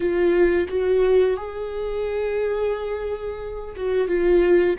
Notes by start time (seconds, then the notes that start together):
0.00 F4
0.68 F#4
1.36 G#4
3.75 F#4
4.07 F4